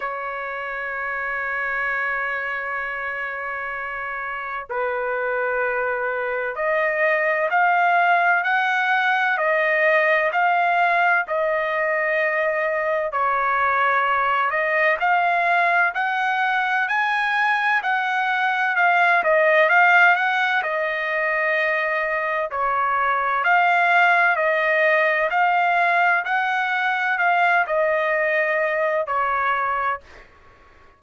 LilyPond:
\new Staff \with { instrumentName = "trumpet" } { \time 4/4 \tempo 4 = 64 cis''1~ | cis''4 b'2 dis''4 | f''4 fis''4 dis''4 f''4 | dis''2 cis''4. dis''8 |
f''4 fis''4 gis''4 fis''4 | f''8 dis''8 f''8 fis''8 dis''2 | cis''4 f''4 dis''4 f''4 | fis''4 f''8 dis''4. cis''4 | }